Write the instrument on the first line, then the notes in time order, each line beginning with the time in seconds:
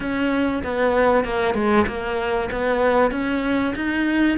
cello
0.00 C#4
0.63 B3
1.24 A#3
1.54 G#3
1.87 A#3
2.51 B3
3.11 C#4
3.75 D#4